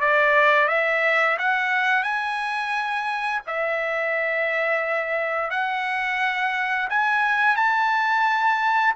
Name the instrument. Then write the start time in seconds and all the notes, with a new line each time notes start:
trumpet
0.00 D5
0.68 E5
1.38 F#5
2.03 G#5
3.46 E5
5.50 F#5
6.89 G#5
7.55 A5